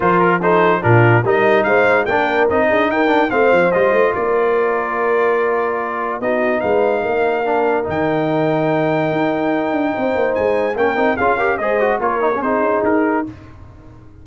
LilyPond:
<<
  \new Staff \with { instrumentName = "trumpet" } { \time 4/4 \tempo 4 = 145 c''8 ais'8 c''4 ais'4 dis''4 | f''4 g''4 dis''4 g''4 | f''4 dis''4 d''2~ | d''2. dis''4 |
f''2. g''4~ | g''1~ | g''4 gis''4 g''4 f''4 | dis''4 cis''4 c''4 ais'4 | }
  \new Staff \with { instrumentName = "horn" } { \time 4/4 ais'4 a'4 f'4 ais'4 | c''4 ais'4. gis'8 ais'4 | c''2 ais'2~ | ais'2. fis'4 |
b'4 ais'2.~ | ais'1 | c''2 ais'4 gis'8 ais'8 | c''4 ais'4 gis'2 | }
  \new Staff \with { instrumentName = "trombone" } { \time 4/4 f'4 dis'4 d'4 dis'4~ | dis'4 d'4 dis'4. d'8 | c'4 f'2.~ | f'2. dis'4~ |
dis'2 d'4 dis'4~ | dis'1~ | dis'2 cis'8 dis'8 f'8 g'8 | gis'8 fis'8 f'8 dis'16 cis'16 dis'2 | }
  \new Staff \with { instrumentName = "tuba" } { \time 4/4 f2 ais,4 g4 | gis4 ais4 c'8 d'8 dis'4 | a8 f8 g8 a8 ais2~ | ais2. b4 |
gis4 ais2 dis4~ | dis2 dis'4. d'8 | c'8 ais8 gis4 ais8 c'8 cis'4 | gis4 ais4 c'8 cis'8 dis'4 | }
>>